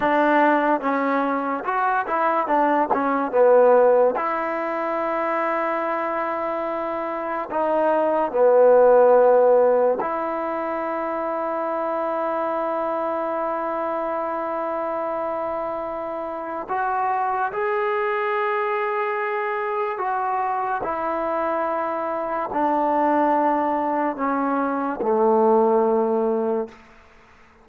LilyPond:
\new Staff \with { instrumentName = "trombone" } { \time 4/4 \tempo 4 = 72 d'4 cis'4 fis'8 e'8 d'8 cis'8 | b4 e'2.~ | e'4 dis'4 b2 | e'1~ |
e'1 | fis'4 gis'2. | fis'4 e'2 d'4~ | d'4 cis'4 a2 | }